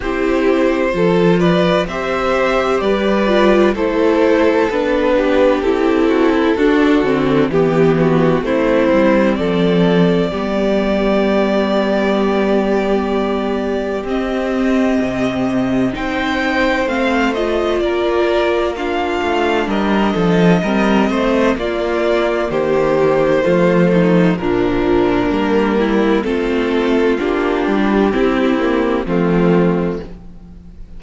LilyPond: <<
  \new Staff \with { instrumentName = "violin" } { \time 4/4 \tempo 4 = 64 c''4. d''8 e''4 d''4 | c''4 b'4 a'2 | g'4 c''4 d''2~ | d''2. dis''4~ |
dis''4 g''4 f''8 dis''8 d''4 | f''4 dis''2 d''4 | c''2 ais'2 | a'4 g'2 f'4 | }
  \new Staff \with { instrumentName = "violin" } { \time 4/4 g'4 a'8 b'8 c''4 b'4 | a'4. g'4 fis'16 e'16 fis'4 | g'8 fis'8 e'4 a'4 g'4~ | g'1~ |
g'4 c''2 ais'4 | f'4 ais'8 a'8 ais'8 c''8 f'4 | g'4 f'8 dis'8 d'4. e'8 | f'2 e'4 c'4 | }
  \new Staff \with { instrumentName = "viola" } { \time 4/4 e'4 f'4 g'4. f'8 | e'4 d'4 e'4 d'8 c'8 | b4 c'2 b4~ | b2. c'4~ |
c'4 dis'4 c'8 f'4. | d'2 c'4 ais4~ | ais4 a4 f4 ais4 | c'4 d'4 c'8 ais8 a4 | }
  \new Staff \with { instrumentName = "cello" } { \time 4/4 c'4 f4 c'4 g4 | a4 b4 c'4 d'8 d8 | e4 a8 g8 f4 g4~ | g2. c'4 |
c4 c'4 a4 ais4~ | ais8 a8 g8 f8 g8 a8 ais4 | dis4 f4 ais,4 g4 | a4 ais8 g8 c'4 f4 | }
>>